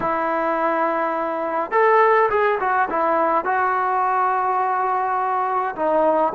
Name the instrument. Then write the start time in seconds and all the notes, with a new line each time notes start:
trombone
0.00 E4
1.71 A4
2.30 G#4
2.60 F#4
2.89 E4
3.44 F#4
5.75 D#4